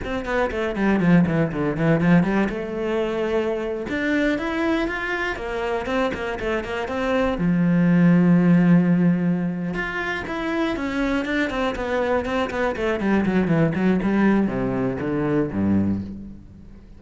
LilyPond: \new Staff \with { instrumentName = "cello" } { \time 4/4 \tempo 4 = 120 c'8 b8 a8 g8 f8 e8 d8 e8 | f8 g8 a2~ a8. d'16~ | d'8. e'4 f'4 ais4 c'16~ | c'16 ais8 a8 ais8 c'4 f4~ f16~ |
f2.~ f8 f'8~ | f'8 e'4 cis'4 d'8 c'8 b8~ | b8 c'8 b8 a8 g8 fis8 e8 fis8 | g4 c4 d4 g,4 | }